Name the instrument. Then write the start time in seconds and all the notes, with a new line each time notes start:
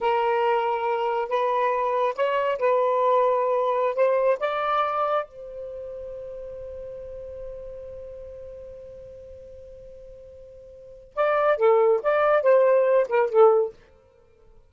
saxophone
0.01 A#4
1.28 B4
2.15 C#5
2.59 B4
3.95 C5
4.39 D5
5.25 C5
11.15 D5
11.57 A4
12.02 D5
12.42 C5
13.08 A#4
13.29 A4